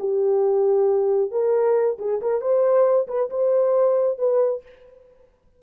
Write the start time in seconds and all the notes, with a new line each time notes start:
0.00 G4
1.32 A#4
1.99 G#4
2.22 A#4
2.42 C5
3.08 B4
3.30 C5
4.19 B4